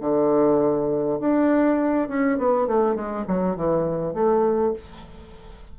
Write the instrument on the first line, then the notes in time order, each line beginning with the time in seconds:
bassoon
0.00 D3
1.20 D4
2.08 C#4
2.38 B3
2.67 A3
2.95 G#3
3.28 F#3
3.56 E3
4.14 A3